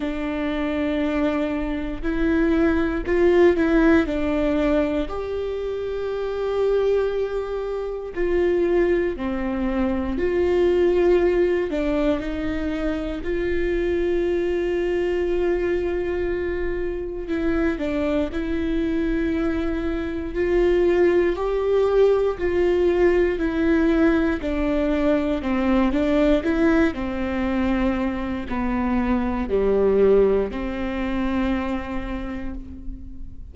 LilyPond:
\new Staff \with { instrumentName = "viola" } { \time 4/4 \tempo 4 = 59 d'2 e'4 f'8 e'8 | d'4 g'2. | f'4 c'4 f'4. d'8 | dis'4 f'2.~ |
f'4 e'8 d'8 e'2 | f'4 g'4 f'4 e'4 | d'4 c'8 d'8 e'8 c'4. | b4 g4 c'2 | }